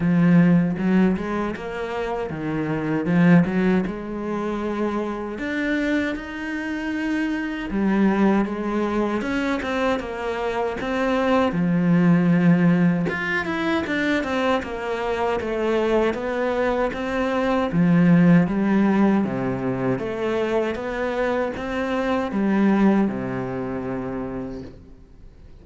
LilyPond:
\new Staff \with { instrumentName = "cello" } { \time 4/4 \tempo 4 = 78 f4 fis8 gis8 ais4 dis4 | f8 fis8 gis2 d'4 | dis'2 g4 gis4 | cis'8 c'8 ais4 c'4 f4~ |
f4 f'8 e'8 d'8 c'8 ais4 | a4 b4 c'4 f4 | g4 c4 a4 b4 | c'4 g4 c2 | }